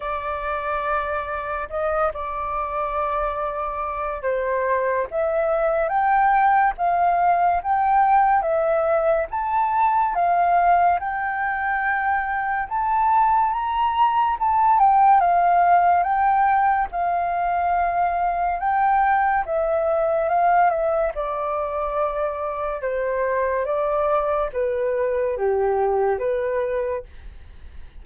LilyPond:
\new Staff \with { instrumentName = "flute" } { \time 4/4 \tempo 4 = 71 d''2 dis''8 d''4.~ | d''4 c''4 e''4 g''4 | f''4 g''4 e''4 a''4 | f''4 g''2 a''4 |
ais''4 a''8 g''8 f''4 g''4 | f''2 g''4 e''4 | f''8 e''8 d''2 c''4 | d''4 b'4 g'4 b'4 | }